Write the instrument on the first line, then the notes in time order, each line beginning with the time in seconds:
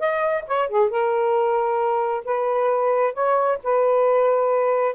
saxophone
0.00 D#5
0.48 C#5
0.69 G#4
0.90 A#4
2.25 B4
3.14 C#5
3.64 B4